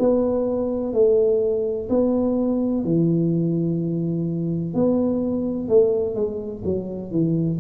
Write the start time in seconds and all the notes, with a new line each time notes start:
0.00 B3
0.94 A3
1.90 B3
2.84 E3
4.74 B3
5.69 A3
6.15 G#3
6.65 F#3
7.12 E3